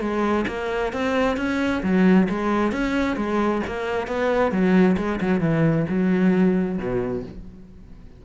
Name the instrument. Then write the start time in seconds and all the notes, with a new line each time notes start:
cello
0.00 G#3
0.47 A#3
0.92 C4
1.37 C#4
1.83 F#3
2.29 G#3
2.72 C#4
3.16 G#3
3.67 A#3
4.07 B3
4.51 F#3
4.97 G#3
5.20 F#3
5.40 E3
5.89 F#3
6.78 B2